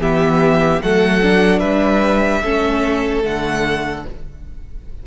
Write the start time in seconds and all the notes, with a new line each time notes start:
0.00 E3 B3 G4 E5
0.83 F#3 A3 A4 F#5
1.23 D4
1.60 G3 B4 E5
2.43 A3 C#4 A4
3.23 D3 A3 F#5